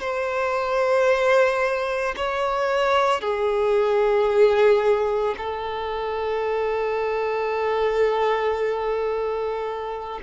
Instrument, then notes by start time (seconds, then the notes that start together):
violin
0.00 C5
2.16 C#5
3.20 G#4
5.38 A4